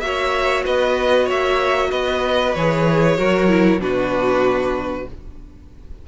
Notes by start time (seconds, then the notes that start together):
0.00 A#3 F#4 C#5 E5
0.65 B3 B4 D#5
1.25 A#3 C#5 E5
1.91 B3 B4 D#5
2.54 E3 G#4 C#5
3.17 F#3 F#4 A#4
3.48 E4
3.79 B2 D4 F#4 B4